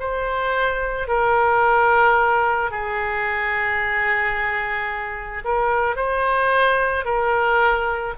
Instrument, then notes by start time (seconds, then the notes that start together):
oboe
0.00 C5
1.08 A#4
2.71 G#4
5.45 A#4
5.97 C5
7.05 A#4